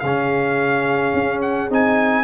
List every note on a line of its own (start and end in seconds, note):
0.00 1.14 C#3
0.00 1.70 C#4
0.00 2.25 G#4
0.00 1.40 F5
1.14 1.70 C#4
1.42 1.70 F#5
1.70 2.25 C4
1.70 2.25 D#4
1.70 2.25 G#5